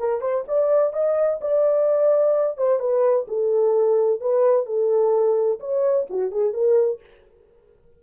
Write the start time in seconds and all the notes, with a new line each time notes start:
0.00 A#4
0.21 C5
0.48 D5
0.93 D#5
1.41 D5
2.58 C5
2.80 B4
3.28 A4
4.21 B4
4.66 A4
5.60 C#5
6.10 F#4
6.32 G#4
6.54 A#4